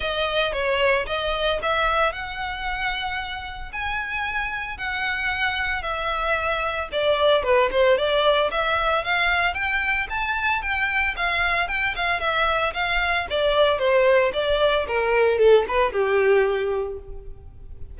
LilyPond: \new Staff \with { instrumentName = "violin" } { \time 4/4 \tempo 4 = 113 dis''4 cis''4 dis''4 e''4 | fis''2. gis''4~ | gis''4 fis''2 e''4~ | e''4 d''4 b'8 c''8 d''4 |
e''4 f''4 g''4 a''4 | g''4 f''4 g''8 f''8 e''4 | f''4 d''4 c''4 d''4 | ais'4 a'8 b'8 g'2 | }